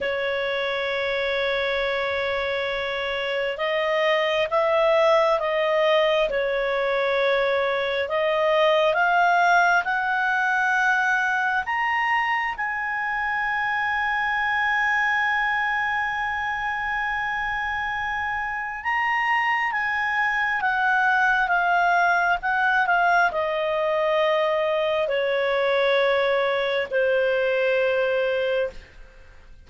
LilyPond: \new Staff \with { instrumentName = "clarinet" } { \time 4/4 \tempo 4 = 67 cis''1 | dis''4 e''4 dis''4 cis''4~ | cis''4 dis''4 f''4 fis''4~ | fis''4 ais''4 gis''2~ |
gis''1~ | gis''4 ais''4 gis''4 fis''4 | f''4 fis''8 f''8 dis''2 | cis''2 c''2 | }